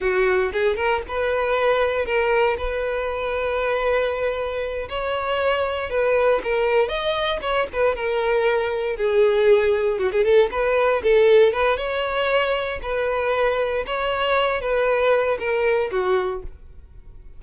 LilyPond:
\new Staff \with { instrumentName = "violin" } { \time 4/4 \tempo 4 = 117 fis'4 gis'8 ais'8 b'2 | ais'4 b'2.~ | b'4. cis''2 b'8~ | b'8 ais'4 dis''4 cis''8 b'8 ais'8~ |
ais'4. gis'2 fis'16 gis'16 | a'8 b'4 a'4 b'8 cis''4~ | cis''4 b'2 cis''4~ | cis''8 b'4. ais'4 fis'4 | }